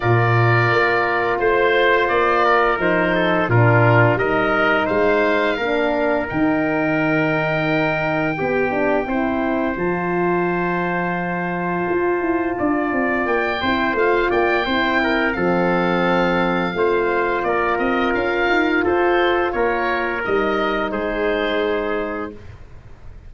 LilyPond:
<<
  \new Staff \with { instrumentName = "oboe" } { \time 4/4 \tempo 4 = 86 d''2 c''4 d''4 | c''4 ais'4 dis''4 f''4~ | f''4 g''2.~ | g''2 a''2~ |
a''2. g''4 | f''8 g''4. f''2~ | f''4 d''8 dis''8 f''4 c''4 | cis''4 dis''4 c''2 | }
  \new Staff \with { instrumentName = "trumpet" } { \time 4/4 ais'2 c''4. ais'8~ | ais'8 a'8 f'4 ais'4 c''4 | ais'1 | g'4 c''2.~ |
c''2 d''4. c''8~ | c''8 d''8 c''8 ais'8 a'2 | c''4 ais'2 a'4 | ais'2 gis'2 | }
  \new Staff \with { instrumentName = "horn" } { \time 4/4 f'1 | dis'4 d'4 dis'2 | d'4 dis'2. | g'8 d'8 e'4 f'2~ |
f'2.~ f'8 e'8 | f'4 e'4 c'2 | f'1~ | f'4 dis'2. | }
  \new Staff \with { instrumentName = "tuba" } { \time 4/4 ais,4 ais4 a4 ais4 | f4 ais,4 g4 gis4 | ais4 dis2. | b4 c'4 f2~ |
f4 f'8 e'8 d'8 c'8 ais8 c'8 | a8 ais8 c'4 f2 | a4 ais8 c'8 cis'8 dis'8 f'4 | ais4 g4 gis2 | }
>>